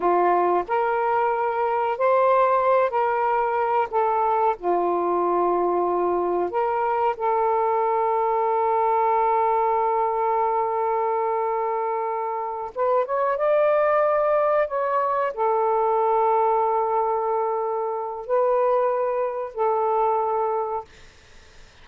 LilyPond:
\new Staff \with { instrumentName = "saxophone" } { \time 4/4 \tempo 4 = 92 f'4 ais'2 c''4~ | c''8 ais'4. a'4 f'4~ | f'2 ais'4 a'4~ | a'1~ |
a'2.~ a'8 b'8 | cis''8 d''2 cis''4 a'8~ | a'1 | b'2 a'2 | }